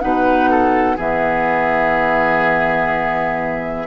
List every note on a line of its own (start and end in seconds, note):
0.00 0.98 B2
0.00 0.97 D#4
0.00 0.50 B4
0.00 0.98 F#5
0.50 0.96 A4
0.96 3.87 E3
0.96 3.87 B3
0.96 3.86 G#4
0.96 3.87 E5